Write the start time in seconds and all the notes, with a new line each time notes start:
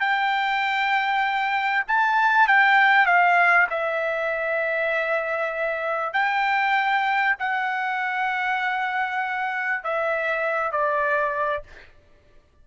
0.00 G5
1.88 A5
2.48 G5
3.06 F5
3.70 E5
6.13 G5
7.39 F#5
9.84 E5
10.72 D5